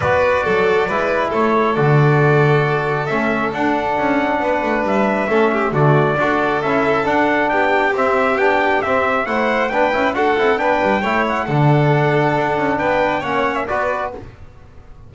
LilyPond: <<
  \new Staff \with { instrumentName = "trumpet" } { \time 4/4 \tempo 4 = 136 d''2. cis''4 | d''2. e''4 | fis''2. e''4~ | e''4 d''2 e''4 |
fis''4 g''4 e''4 g''4 | e''4 fis''4 g''4 fis''4 | g''4. fis''2~ fis''8~ | fis''4 g''4 fis''8. e''16 d''4 | }
  \new Staff \with { instrumentName = "violin" } { \time 4/4 b'4 a'4 b'4 a'4~ | a'1~ | a'2 b'2 | a'8 g'8 fis'4 a'2~ |
a'4 g'2.~ | g'4 c''4 b'4 a'4 | b'4 cis''4 a'2~ | a'4 b'4 cis''4 b'4 | }
  \new Staff \with { instrumentName = "trombone" } { \time 4/4 fis'2 e'2 | fis'2. cis'4 | d'1 | cis'4 a4 fis'4 e'4 |
d'2 c'4 d'4 | c'4 e'4 d'8 e'8 fis'8 e'8 | d'4 e'4 d'2~ | d'2 cis'4 fis'4 | }
  \new Staff \with { instrumentName = "double bass" } { \time 4/4 b4 fis4 gis4 a4 | d2. a4 | d'4 cis'4 b8 a8 g4 | a4 d4 d'4 cis'4 |
d'4 b4 c'4 b4 | c'4 a4 b8 cis'8 d'8 c'8 | b8 g8 a4 d2 | d'8 cis'8 b4 ais4 b4 | }
>>